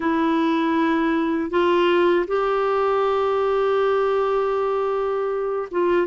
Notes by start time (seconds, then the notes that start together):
0.00 E4
1.50 F4
2.27 G4
5.71 F4